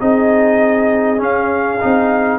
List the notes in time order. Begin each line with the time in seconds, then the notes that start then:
0.00 C4 D#4 G#4 D#5
1.17 C#4 F5
1.80 C4 D#4